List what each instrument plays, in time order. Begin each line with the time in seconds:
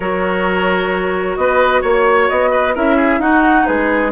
0.00 bassoon F#3, clarinet F#4, oboe A#4, flute C#5
1.36 bassoon B3, oboe B4, flute D#5
1.81 bassoon A#3, oboe C#5, flute C#5
2.29 bassoon B3, flute D#5
2.51 oboe B4
2.74 bassoon C#4, clarinet E4, oboe A#4, flute E5
2.96 oboe G#4
3.18 bassoon D#4, clarinet D#4, oboe F#4, flute F#5
3.66 bassoon G#3, oboe G#4, flute B4